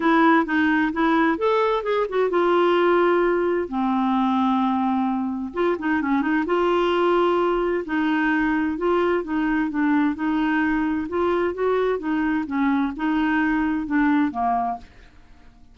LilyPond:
\new Staff \with { instrumentName = "clarinet" } { \time 4/4 \tempo 4 = 130 e'4 dis'4 e'4 a'4 | gis'8 fis'8 f'2. | c'1 | f'8 dis'8 cis'8 dis'8 f'2~ |
f'4 dis'2 f'4 | dis'4 d'4 dis'2 | f'4 fis'4 dis'4 cis'4 | dis'2 d'4 ais4 | }